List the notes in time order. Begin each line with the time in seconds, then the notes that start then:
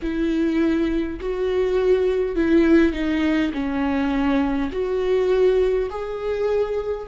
0.02 E4
1.20 F#4
2.35 E4
2.93 D#4
3.53 C#4
4.72 F#4
5.90 G#4